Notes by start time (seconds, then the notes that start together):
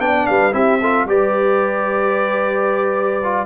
0.00 B3 D4 D5 G5
0.27 G3 B4 F5
0.53 C4 E4 G4 E5
0.81 F4 A4
1.06 G3 G4 B4 D5
3.24 F4